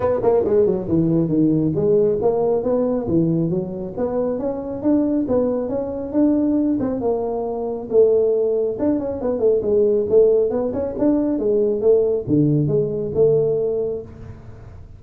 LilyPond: \new Staff \with { instrumentName = "tuba" } { \time 4/4 \tempo 4 = 137 b8 ais8 gis8 fis8 e4 dis4 | gis4 ais4 b4 e4 | fis4 b4 cis'4 d'4 | b4 cis'4 d'4. c'8 |
ais2 a2 | d'8 cis'8 b8 a8 gis4 a4 | b8 cis'8 d'4 gis4 a4 | d4 gis4 a2 | }